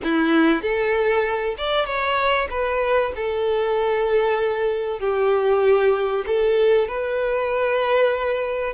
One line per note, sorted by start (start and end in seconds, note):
0.03 0.61 E4
0.61 1.55 A4
1.57 1.85 D5
1.85 2.47 C#5
2.50 3.12 B4
3.15 4.99 A4
4.99 6.24 G4
6.26 6.88 A4
6.88 8.73 B4